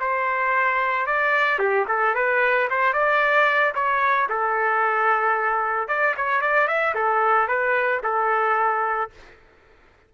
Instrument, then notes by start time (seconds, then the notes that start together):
trumpet
0.00 C5
1.06 D5
1.59 G4
1.88 A4
2.15 B4
2.70 C5
2.93 D5
3.75 C#5
4.29 A4
5.88 D5
6.17 C#5
6.41 D5
6.67 E5
6.94 A4
7.48 B4
8.03 A4